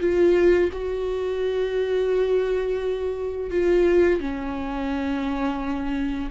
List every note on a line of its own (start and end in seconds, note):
0.00 0.70 F4
0.72 3.50 F#4
3.50 4.20 F4
4.20 6.29 C#4